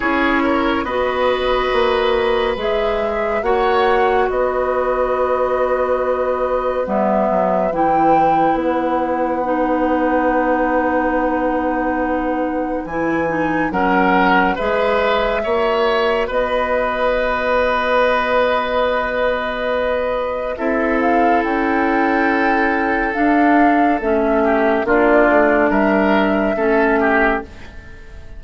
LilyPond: <<
  \new Staff \with { instrumentName = "flute" } { \time 4/4 \tempo 4 = 70 cis''4 dis''2 e''4 | fis''4 dis''2. | e''4 g''4 fis''2~ | fis''2. gis''4 |
fis''4 e''2 dis''4~ | dis''1 | e''8 f''8 g''2 f''4 | e''4 d''4 e''2 | }
  \new Staff \with { instrumentName = "oboe" } { \time 4/4 gis'8 ais'8 b'2. | cis''4 b'2.~ | b'1~ | b'1 |
ais'4 b'4 cis''4 b'4~ | b'1 | a'1~ | a'8 g'8 f'4 ais'4 a'8 g'8 | }
  \new Staff \with { instrumentName = "clarinet" } { \time 4/4 e'4 fis'2 gis'4 | fis'1 | b4 e'2 dis'4~ | dis'2. e'8 dis'8 |
cis'4 gis'4 fis'2~ | fis'1 | e'2. d'4 | cis'4 d'2 cis'4 | }
  \new Staff \with { instrumentName = "bassoon" } { \time 4/4 cis'4 b4 ais4 gis4 | ais4 b2. | g8 fis8 e4 b2~ | b2. e4 |
fis4 gis4 ais4 b4~ | b1 | c'4 cis'2 d'4 | a4 ais8 a8 g4 a4 | }
>>